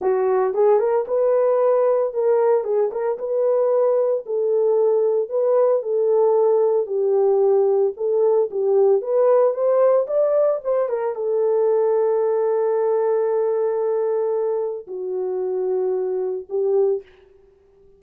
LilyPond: \new Staff \with { instrumentName = "horn" } { \time 4/4 \tempo 4 = 113 fis'4 gis'8 ais'8 b'2 | ais'4 gis'8 ais'8 b'2 | a'2 b'4 a'4~ | a'4 g'2 a'4 |
g'4 b'4 c''4 d''4 | c''8 ais'8 a'2.~ | a'1 | fis'2. g'4 | }